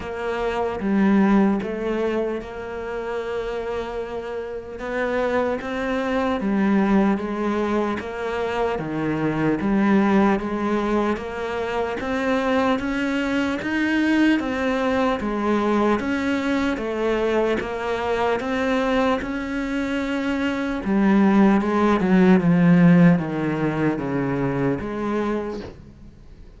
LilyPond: \new Staff \with { instrumentName = "cello" } { \time 4/4 \tempo 4 = 75 ais4 g4 a4 ais4~ | ais2 b4 c'4 | g4 gis4 ais4 dis4 | g4 gis4 ais4 c'4 |
cis'4 dis'4 c'4 gis4 | cis'4 a4 ais4 c'4 | cis'2 g4 gis8 fis8 | f4 dis4 cis4 gis4 | }